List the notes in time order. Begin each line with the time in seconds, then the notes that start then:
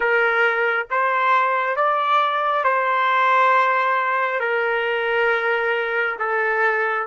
0.00 A#4
0.90 C5
1.76 D5
2.64 C5
4.40 A#4
6.18 A4